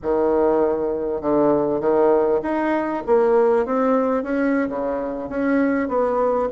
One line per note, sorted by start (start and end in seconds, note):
0.02 1.21 D#3
1.21 1.80 D3
1.80 2.40 D#3
2.42 3.03 D#4
3.06 3.65 A#3
3.65 4.23 C4
4.23 4.68 C#4
4.69 5.29 C#3
5.29 5.88 C#4
5.88 6.48 B3